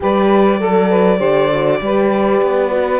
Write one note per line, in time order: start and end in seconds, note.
0.00 0.60 G3
0.00 0.57 G4
0.00 0.59 B4
0.00 3.00 D5
0.59 1.19 F#3
0.59 0.89 A4
0.59 1.19 A4
0.89 1.18 B4
1.18 1.80 D3
1.18 1.49 G4
1.18 1.79 C5
1.52 1.80 F#4
1.80 2.41 G3
1.80 2.71 G4
1.80 3.00 B4
2.42 3.00 B3
2.71 3.00 F#4